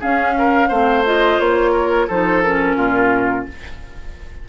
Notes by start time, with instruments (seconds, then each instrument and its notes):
0.00 clarinet C#4, bassoon C#4, oboe G#4, flute F5
0.38 oboe A#4
0.68 bassoon A3, clarinet C4, oboe C5
1.05 clarinet F4, flute D#5
1.40 bassoon A#3, flute C#5
1.72 oboe A#4
2.08 bassoon F3, clarinet D#4, oboe A4, flute C5
2.42 clarinet C#4, flute A#4
2.77 bassoon A#2, oboe F4